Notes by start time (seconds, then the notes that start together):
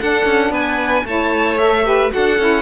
0.00 D4 A4 F#5
0.26 C#4
0.51 B3 B4 G#5
1.05 A3 E4 C#5 A5
1.58 A4 E5
1.84 G4 B4
2.10 F#4 A4 F#5
2.16 D4
2.39 C#4 E4